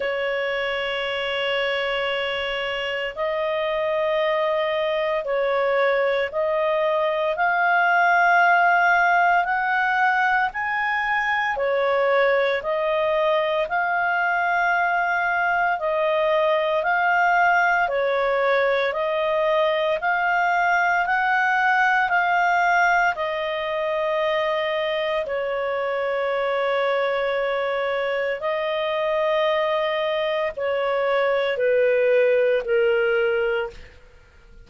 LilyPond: \new Staff \with { instrumentName = "clarinet" } { \time 4/4 \tempo 4 = 57 cis''2. dis''4~ | dis''4 cis''4 dis''4 f''4~ | f''4 fis''4 gis''4 cis''4 | dis''4 f''2 dis''4 |
f''4 cis''4 dis''4 f''4 | fis''4 f''4 dis''2 | cis''2. dis''4~ | dis''4 cis''4 b'4 ais'4 | }